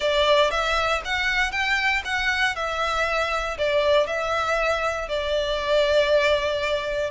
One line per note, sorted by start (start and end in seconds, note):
0.00 0.50 D5
0.50 1.01 E5
1.04 1.51 F#5
1.51 2.02 G5
2.04 2.55 F#5
2.55 3.57 E5
3.58 4.06 D5
4.06 5.08 E5
5.08 7.10 D5